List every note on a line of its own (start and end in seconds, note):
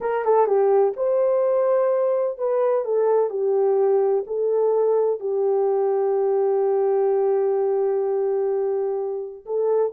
0.01 0.24 A#4
0.24 0.46 A4
0.46 0.93 G4
0.96 2.38 C5
2.38 2.84 B4
2.84 3.29 A4
3.29 4.24 G4
4.26 5.20 A4
5.20 9.45 G4
9.45 9.92 A4